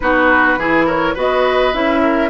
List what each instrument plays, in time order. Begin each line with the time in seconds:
0.00 bassoon B3, clarinet D#4, oboe F#4, flute B4
0.56 bassoon E3, clarinet E4, oboe G#4
0.85 oboe A#4, flute C#5
1.14 bassoon B3, clarinet F#4, oboe B4, flute D#5
1.73 bassoon C#4, clarinet E4, flute E5
2.02 oboe A#4